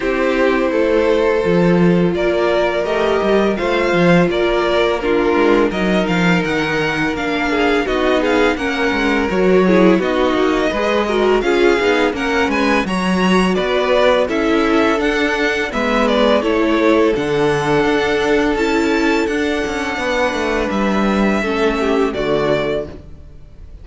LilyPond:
<<
  \new Staff \with { instrumentName = "violin" } { \time 4/4 \tempo 4 = 84 c''2. d''4 | dis''4 f''4 d''4 ais'4 | dis''8 f''8 fis''4 f''4 dis''8 f''8 | fis''4 cis''4 dis''2 |
f''4 fis''8 gis''8 ais''4 d''4 | e''4 fis''4 e''8 d''8 cis''4 | fis''2 a''4 fis''4~ | fis''4 e''2 d''4 | }
  \new Staff \with { instrumentName = "violin" } { \time 4/4 g'4 a'2 ais'4~ | ais'4 c''4 ais'4 f'4 | ais'2~ ais'8 gis'8 fis'8 gis'8 | ais'4. gis'8 fis'4 b'8 ais'8 |
gis'4 ais'8 b'8 cis''4 b'4 | a'2 b'4 a'4~ | a'1 | b'2 a'8 g'8 fis'4 | }
  \new Staff \with { instrumentName = "viola" } { \time 4/4 e'2 f'2 | g'4 f'2 d'4 | dis'2 d'4 dis'4 | cis'4 fis'8 e'8 dis'4 gis'8 fis'8 |
f'8 dis'8 cis'4 fis'2 | e'4 d'4 b4 e'4 | d'2 e'4 d'4~ | d'2 cis'4 a4 | }
  \new Staff \with { instrumentName = "cello" } { \time 4/4 c'4 a4 f4 ais4 | a8 g8 a8 f8 ais4. gis8 | fis8 f8 dis4 ais4 b4 | ais8 gis8 fis4 b8 ais8 gis4 |
cis'8 b8 ais8 gis8 fis4 b4 | cis'4 d'4 gis4 a4 | d4 d'4 cis'4 d'8 cis'8 | b8 a8 g4 a4 d4 | }
>>